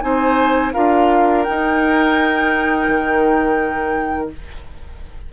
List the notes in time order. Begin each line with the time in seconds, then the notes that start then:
0.00 C4 D#4 C5 G#5
0.73 D4 F4 A#4 F5
1.43 D#4 G5
1.49 D#4
2.88 D#3